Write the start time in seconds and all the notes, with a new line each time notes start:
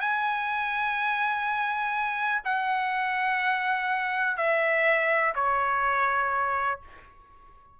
0.00 G#5
2.44 F#5
4.37 E5
5.35 C#5